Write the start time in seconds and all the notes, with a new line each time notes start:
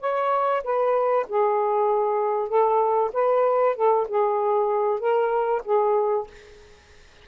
0.00 C#5
0.64 B4
1.28 G#4
2.49 A4
3.13 B4
3.76 A4
4.08 G#4
4.99 A#4
5.64 G#4